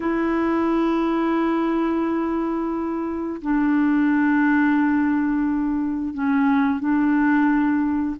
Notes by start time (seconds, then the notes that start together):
0.00 E4
3.41 D4
6.14 C#4
6.79 D4